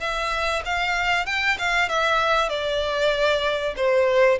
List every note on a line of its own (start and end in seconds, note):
0.00 0.62 E5
0.65 1.26 F5
1.26 1.57 G5
1.59 1.89 F5
1.89 2.49 E5
2.49 3.74 D5
3.76 4.39 C5